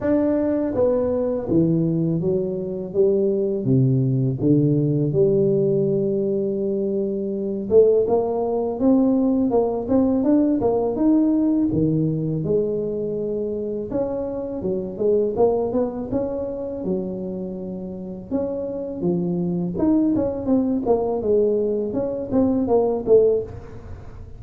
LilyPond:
\new Staff \with { instrumentName = "tuba" } { \time 4/4 \tempo 4 = 82 d'4 b4 e4 fis4 | g4 c4 d4 g4~ | g2~ g8 a8 ais4 | c'4 ais8 c'8 d'8 ais8 dis'4 |
dis4 gis2 cis'4 | fis8 gis8 ais8 b8 cis'4 fis4~ | fis4 cis'4 f4 dis'8 cis'8 | c'8 ais8 gis4 cis'8 c'8 ais8 a8 | }